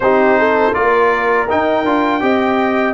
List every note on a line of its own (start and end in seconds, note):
0.00 0.71 C4
0.00 0.73 D#4
0.00 0.38 G4
0.00 0.73 C5
0.38 0.75 A4
0.73 1.49 A#3
0.73 1.47 F4
0.73 2.23 A#4
0.73 1.48 D5
1.49 1.85 D#4
1.49 1.84 D#4
1.49 2.94 G5
1.84 2.21 D4
1.84 2.20 F4
2.20 2.94 C4
2.20 2.94 G4
2.20 2.94 D#5